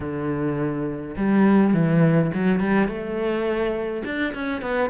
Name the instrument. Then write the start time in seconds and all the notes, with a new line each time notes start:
cello
0.00 D3
1.16 G3
1.73 E3
2.34 F#3
2.60 G3
2.87 A3
4.04 D4
4.33 C#4
4.61 B3